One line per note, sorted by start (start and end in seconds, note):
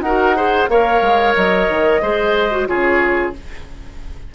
0.00 0.66 D#4
0.00 0.35 F#4
0.00 0.36 A#4
0.00 0.67 F#5
0.35 0.68 G#4
0.35 0.69 C5
0.69 1.01 A#3
0.69 2.02 A#4
0.69 2.02 C#5
0.69 1.35 F5
1.01 1.34 G#3
1.36 1.69 F#3
1.36 2.67 D#5
1.69 2.02 D#3
2.02 2.68 G#3
2.02 2.51 G#4
2.02 2.68 C5
2.51 2.67 F#4
2.67 3.35 C#3
2.67 3.33 F4
2.67 3.35 G#4
2.67 3.33 C#5